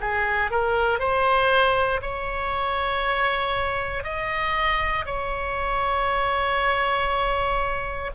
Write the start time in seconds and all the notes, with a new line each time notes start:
0.00 G#4
0.50 A#4
0.99 C5
2.02 C#5
4.03 D#5
5.05 C#5